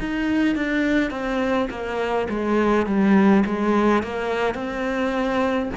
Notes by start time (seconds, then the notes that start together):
0.00 D#4
0.55 D4
1.11 C4
1.70 A#3
2.29 G#3
2.86 G3
3.46 G#3
4.03 A#3
4.54 C4